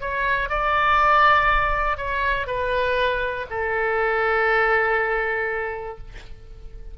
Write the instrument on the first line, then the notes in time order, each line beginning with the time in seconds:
oboe
0.00 C#5
0.49 D5
1.97 C#5
2.46 B4
3.50 A4